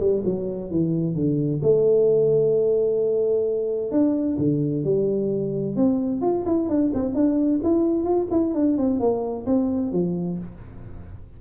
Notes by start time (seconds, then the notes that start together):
0.00 G3
0.25 F#3
0.71 E3
1.15 D3
1.63 A3
3.91 D4
4.39 D3
4.85 G3
5.76 C4
6.22 F4
6.46 E4
6.69 D4
6.94 C4
7.15 D4
7.64 E4
8.04 F4
8.31 E4
8.55 D4
8.78 C4
9.00 A#3
9.46 C4
9.93 F3